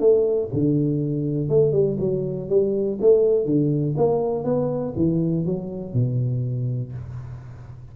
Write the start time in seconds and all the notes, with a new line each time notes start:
0.00 A3
0.53 D3
1.49 A3
1.72 G3
2.00 F#3
2.49 G3
3.01 A3
3.46 D3
3.97 A#3
4.45 B3
4.97 E3
5.46 F#3
5.93 B2